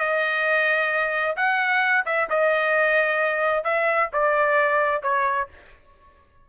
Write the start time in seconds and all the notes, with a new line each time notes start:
0.00 D#5
1.37 F#5
2.06 E5
2.30 D#5
3.64 E5
4.13 D5
5.03 C#5